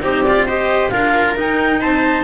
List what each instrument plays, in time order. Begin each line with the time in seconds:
0.00 double bass C4, cello D#4, viola G4, clarinet C5
0.24 cello F4, clarinet D5
0.47 cello G4, viola C5, clarinet D#5
0.89 double bass D4, cello F4, viola A#4, clarinet F5
1.36 cello D#4, double bass D#4, clarinet G5
1.80 double bass C4, viola C5, clarinet A5